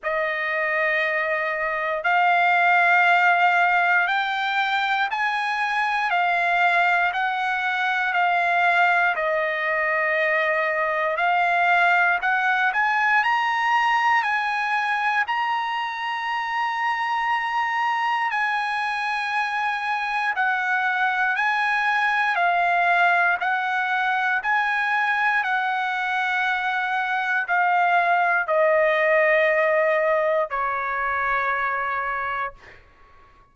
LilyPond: \new Staff \with { instrumentName = "trumpet" } { \time 4/4 \tempo 4 = 59 dis''2 f''2 | g''4 gis''4 f''4 fis''4 | f''4 dis''2 f''4 | fis''8 gis''8 ais''4 gis''4 ais''4~ |
ais''2 gis''2 | fis''4 gis''4 f''4 fis''4 | gis''4 fis''2 f''4 | dis''2 cis''2 | }